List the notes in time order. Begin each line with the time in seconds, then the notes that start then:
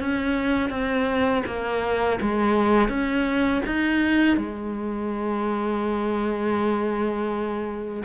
0.00 C#4
0.70 C4
1.46 A#3
2.21 G#3
2.89 C#4
3.66 D#4
4.37 G#3